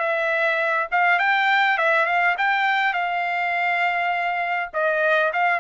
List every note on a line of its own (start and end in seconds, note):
0.00 0.88 E5
0.92 1.20 F5
1.20 1.78 G5
1.78 2.06 E5
2.06 2.36 F5
2.38 2.94 G5
2.94 4.70 F5
4.74 5.33 D#5
5.33 5.60 F5